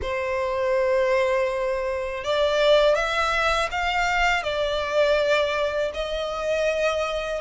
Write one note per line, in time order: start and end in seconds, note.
0.02 2.24 C5
2.24 2.95 D5
2.95 3.69 E5
3.71 4.43 F5
4.43 5.91 D5
5.94 7.41 D#5